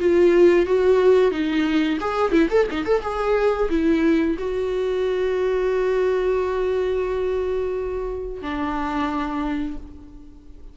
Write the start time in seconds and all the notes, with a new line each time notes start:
0.00 F4
0.66 F#4
1.31 D#4
2.00 G#4
2.32 E4
2.50 A4
2.71 D#4
2.85 A4
3.02 G#4
3.70 E4
4.38 F#4
8.42 D4